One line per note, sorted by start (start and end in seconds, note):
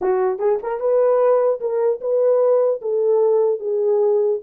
0.01 0.38 F#4
0.38 0.58 G#4
0.62 0.80 A#4
0.80 1.60 B4
1.60 2.00 A#4
2.00 2.80 B4
2.81 3.59 A4
3.59 4.39 G#4